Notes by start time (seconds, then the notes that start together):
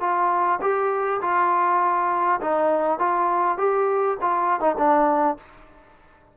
0.00 F4
0.61 G4
1.22 F4
2.41 D#4
2.99 F4
3.58 G4
4.21 F4
4.60 D#4
4.78 D4